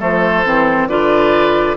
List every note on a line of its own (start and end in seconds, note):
0.00 0.45 F3
0.00 0.44 A3
0.00 0.88 A4
0.00 0.88 C5
0.45 0.88 E3
0.45 0.89 C4
0.88 1.76 D3
0.88 1.78 F4
0.88 1.78 B4
0.88 1.76 D5